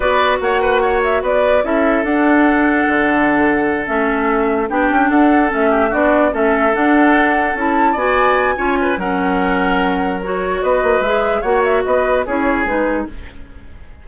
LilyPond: <<
  \new Staff \with { instrumentName = "flute" } { \time 4/4 \tempo 4 = 147 d''4 fis''4. e''8 d''4 | e''4 fis''2.~ | fis''4. e''2 g''8~ | g''8 fis''4 e''4 d''4 e''8~ |
e''8 fis''2 a''4 gis''8~ | gis''2 fis''2~ | fis''4 cis''4 dis''4 e''4 | fis''8 e''8 dis''4 cis''4 b'4 | }
  \new Staff \with { instrumentName = "oboe" } { \time 4/4 b'4 cis''8 b'8 cis''4 b'4 | a'1~ | a'2.~ a'8 g'8~ | g'8 a'4. g'8 fis'4 a'8~ |
a'2.~ a'8 d''8~ | d''4 cis''8 b'8 ais'2~ | ais'2 b'2 | cis''4 b'4 gis'2 | }
  \new Staff \with { instrumentName = "clarinet" } { \time 4/4 fis'1 | e'4 d'2.~ | d'4. cis'2 d'8~ | d'4. cis'4 d'4 cis'8~ |
cis'8 d'2 e'4 fis'8~ | fis'4 f'4 cis'2~ | cis'4 fis'2 gis'4 | fis'2 e'4 dis'4 | }
  \new Staff \with { instrumentName = "bassoon" } { \time 4/4 b4 ais2 b4 | cis'4 d'2 d4~ | d4. a2 b8 | cis'8 d'4 a4 b4 a8~ |
a8 d'2 cis'4 b8~ | b4 cis'4 fis2~ | fis2 b8 ais8 gis4 | ais4 b4 cis'4 gis4 | }
>>